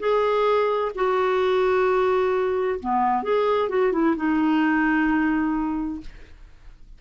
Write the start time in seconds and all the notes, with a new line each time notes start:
0.00 G#4
0.95 F#4
2.80 B3
3.24 G#4
3.70 F#4
3.93 E4
4.17 D#4